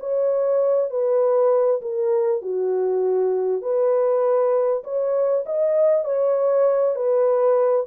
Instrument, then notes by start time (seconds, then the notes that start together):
horn
0.00 C#5
0.90 B4
1.81 A#4
2.42 F#4
3.62 B4
4.84 C#5
5.46 D#5
6.05 C#5
6.95 B4